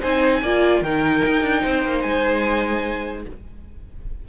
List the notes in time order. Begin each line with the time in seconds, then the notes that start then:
0.00 C4 D#4 C5 G#5
0.42 A#3 F4 D5
0.82 D#3 D#4 A#4 G5
1.26 D#4
1.42 D4
1.62 C4 C5
1.85 A#3
2.01 G#3 G#5